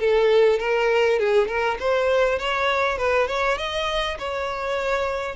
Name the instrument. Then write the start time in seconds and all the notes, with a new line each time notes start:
violin
0.00 A4
0.59 A#4
1.19 G#4
1.48 A#4
1.80 C5
2.39 C#5
2.98 B4
3.28 C#5
3.58 D#5
4.19 C#5